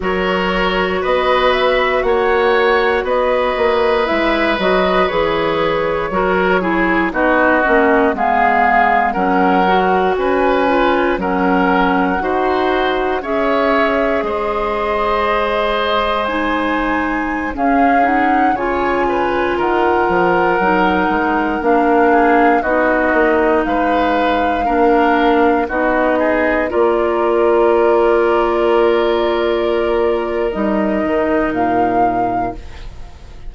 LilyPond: <<
  \new Staff \with { instrumentName = "flute" } { \time 4/4 \tempo 4 = 59 cis''4 dis''8 e''8 fis''4 dis''4 | e''8 dis''8 cis''2 dis''4 | f''4 fis''4 gis''4 fis''4~ | fis''4 e''4 dis''2 |
gis''4~ gis''16 f''8 fis''8 gis''4 fis''8.~ | fis''4~ fis''16 f''4 dis''4 f''8.~ | f''4~ f''16 dis''4 d''4.~ d''16~ | d''2 dis''4 f''4 | }
  \new Staff \with { instrumentName = "oboe" } { \time 4/4 ais'4 b'4 cis''4 b'4~ | b'2 ais'8 gis'8 fis'4 | gis'4 ais'4 b'4 ais'4 | c''4 cis''4 c''2~ |
c''4~ c''16 gis'4 cis''8 b'8 ais'8.~ | ais'4.~ ais'16 gis'8 fis'4 b'8.~ | b'16 ais'4 fis'8 gis'8 ais'4.~ ais'16~ | ais'1 | }
  \new Staff \with { instrumentName = "clarinet" } { \time 4/4 fis'1 | e'8 fis'8 gis'4 fis'8 e'8 dis'8 cis'8 | b4 cis'8 fis'4 f'8 cis'4 | fis'4 gis'2. |
dis'4~ dis'16 cis'8 dis'8 f'4.~ f'16~ | f'16 dis'4 d'4 dis'4.~ dis'16~ | dis'16 d'4 dis'4 f'4.~ f'16~ | f'2 dis'2 | }
  \new Staff \with { instrumentName = "bassoon" } { \time 4/4 fis4 b4 ais4 b8 ais8 | gis8 fis8 e4 fis4 b8 ais8 | gis4 fis4 cis'4 fis4 | dis'4 cis'4 gis2~ |
gis4~ gis16 cis'4 cis4 dis8 f16~ | f16 fis8 gis8 ais4 b8 ais8 gis8.~ | gis16 ais4 b4 ais4.~ ais16~ | ais2 g8 dis8 ais,4 | }
>>